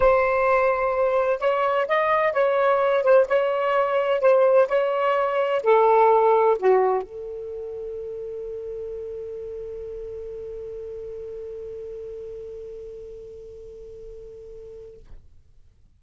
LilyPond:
\new Staff \with { instrumentName = "saxophone" } { \time 4/4 \tempo 4 = 128 c''2. cis''4 | dis''4 cis''4. c''8 cis''4~ | cis''4 c''4 cis''2 | a'2 fis'4 a'4~ |
a'1~ | a'1~ | a'1~ | a'1 | }